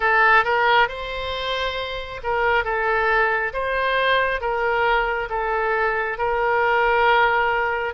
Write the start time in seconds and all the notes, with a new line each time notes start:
0.00 A4
0.44 A#4
0.88 C5
2.23 A#4
2.64 A4
3.53 C5
4.40 A#4
5.29 A4
6.18 A#4